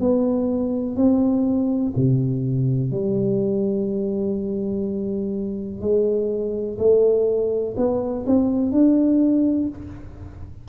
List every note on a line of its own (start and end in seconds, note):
0.00 0.96 B3
0.96 1.93 C4
1.96 2.92 C3
2.92 5.81 G3
5.81 6.78 G#3
6.79 7.76 A3
7.77 8.26 B3
8.27 8.72 C4
8.72 9.69 D4